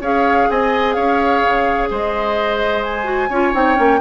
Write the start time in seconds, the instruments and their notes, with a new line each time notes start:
0.00 bassoon C#4, clarinet G#4, oboe C#5, flute F5
0.50 bassoon C4, oboe D#5, flute G#5
0.93 bassoon C#4, oboe C#5, flute F5
1.43 bassoon C#3
1.90 bassoon G#3, oboe C5, flute D#5
2.83 flute G#5
3.04 clarinet F#4
3.29 bassoon C#4, clarinet F4, oboe C#5
3.54 bassoon C4, clarinet D#4, flute G5
3.75 bassoon A#3, clarinet C#4